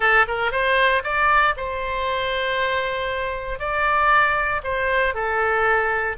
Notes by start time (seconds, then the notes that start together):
0.00 A4
0.27 A#4
0.51 C5
1.03 D5
1.56 C5
3.59 D5
4.63 C5
5.14 A4